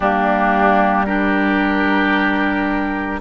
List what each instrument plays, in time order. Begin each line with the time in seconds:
0.00 bassoon G3, clarinet A#3, oboe D4, flute G4
1.05 clarinet D4, oboe G4, flute A#4